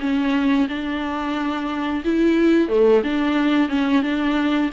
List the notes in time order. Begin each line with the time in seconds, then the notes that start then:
0.00 C#4
0.68 D4
2.04 E4
2.68 A3
3.04 D4
3.69 C#4
4.02 D4